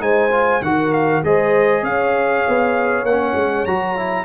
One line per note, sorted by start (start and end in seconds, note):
0.00 0.61 G#3
0.00 0.30 D#4
0.00 0.64 C5
0.00 0.63 G#5
0.31 0.62 F4
0.62 1.23 D#3
0.62 1.24 F#4
0.62 1.26 A#4
0.62 0.93 F#5
0.93 1.23 F5
1.23 1.83 G#3
1.23 3.06 G#4
1.23 1.82 C5
1.23 1.85 D#5
1.82 2.44 C#4
1.82 4.25 C#5
1.82 3.06 F5
2.48 3.04 B3
3.04 3.34 A#3
3.04 3.66 F#5
3.10 3.68 C#4
3.35 3.65 G#3
3.66 4.26 F#3
3.66 3.97 F#4
3.66 4.26 A#5
3.97 4.26 E4